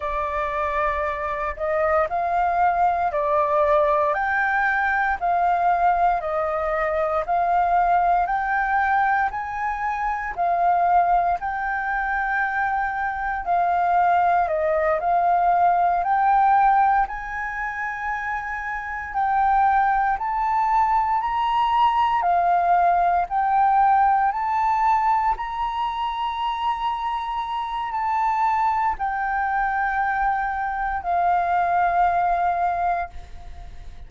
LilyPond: \new Staff \with { instrumentName = "flute" } { \time 4/4 \tempo 4 = 58 d''4. dis''8 f''4 d''4 | g''4 f''4 dis''4 f''4 | g''4 gis''4 f''4 g''4~ | g''4 f''4 dis''8 f''4 g''8~ |
g''8 gis''2 g''4 a''8~ | a''8 ais''4 f''4 g''4 a''8~ | a''8 ais''2~ ais''8 a''4 | g''2 f''2 | }